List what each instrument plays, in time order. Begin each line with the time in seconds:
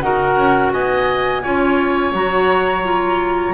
0.00 double bass D#4, clarinet F#4, oboe A#4, flute F#5
0.36 double bass C#4
0.72 double bass B3, oboe D#5, flute G#5
1.42 double bass C#4, clarinet F4, oboe C#5
2.12 double bass F#3, clarinet F#4, flute A#5
2.83 clarinet F4